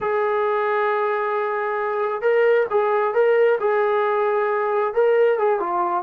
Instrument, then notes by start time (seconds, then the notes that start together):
trombone
0.00 G#4
2.21 A#4
2.70 G#4
3.14 A#4
3.59 G#4
4.94 A#4
5.38 G#4
5.59 F4